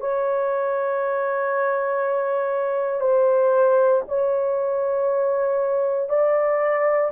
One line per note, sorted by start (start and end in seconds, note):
0.00 3.00 C#5
3.00 4.02 C5
4.08 6.09 C#5
6.09 7.10 D5